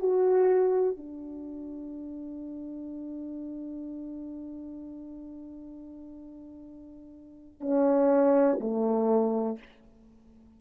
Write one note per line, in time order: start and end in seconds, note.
0.00 0.97 F#4
0.97 7.61 D4
7.61 8.59 C#4
8.61 9.59 A3